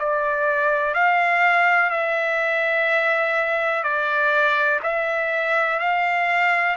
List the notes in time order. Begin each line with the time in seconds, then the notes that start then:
0.00 D5
0.95 F5
1.90 E5
3.84 D5
4.83 E5
5.80 F5